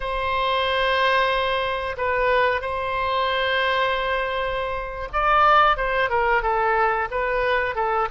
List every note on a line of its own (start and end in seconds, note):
0.00 1.95 C5
1.97 2.61 B4
2.61 5.08 C5
5.12 5.76 D5
5.76 6.09 C5
6.09 6.42 A#4
6.42 7.08 A4
7.10 7.75 B4
7.75 8.08 A4